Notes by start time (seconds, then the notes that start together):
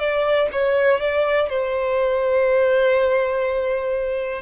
0.00 D5
0.53 C#5
1.01 D5
1.50 C5